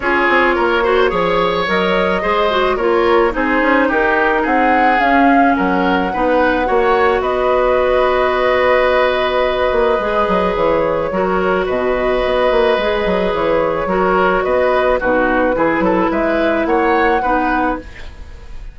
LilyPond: <<
  \new Staff \with { instrumentName = "flute" } { \time 4/4 \tempo 4 = 108 cis''2. dis''4~ | dis''4 cis''4 c''4 ais'4 | fis''4 f''4 fis''2~ | fis''4 dis''2.~ |
dis''2. cis''4~ | cis''4 dis''2. | cis''2 dis''4 b'4~ | b'4 e''4 fis''2 | }
  \new Staff \with { instrumentName = "oboe" } { \time 4/4 gis'4 ais'8 c''8 cis''2 | c''4 ais'4 gis'4 g'4 | gis'2 ais'4 b'4 | cis''4 b'2.~ |
b'1 | ais'4 b'2.~ | b'4 ais'4 b'4 fis'4 | gis'8 a'8 b'4 cis''4 b'4 | }
  \new Staff \with { instrumentName = "clarinet" } { \time 4/4 f'4. fis'8 gis'4 ais'4 | gis'8 fis'8 f'4 dis'2~ | dis'4 cis'2 dis'4 | fis'1~ |
fis'2 gis'2 | fis'2. gis'4~ | gis'4 fis'2 dis'4 | e'2. dis'4 | }
  \new Staff \with { instrumentName = "bassoon" } { \time 4/4 cis'8 c'8 ais4 f4 fis4 | gis4 ais4 c'8 cis'8 dis'4 | c'4 cis'4 fis4 b4 | ais4 b2.~ |
b4. ais8 gis8 fis8 e4 | fis4 b,4 b8 ais8 gis8 fis8 | e4 fis4 b4 b,4 | e8 fis8 gis4 ais4 b4 | }
>>